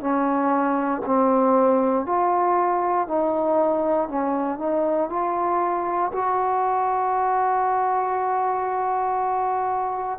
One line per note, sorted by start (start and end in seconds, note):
0.00 1.02 C#4
1.06 2.06 C4
2.06 3.08 F4
3.08 4.09 D#4
4.09 4.59 C#4
4.59 5.09 D#4
5.10 6.12 F4
6.12 10.19 F#4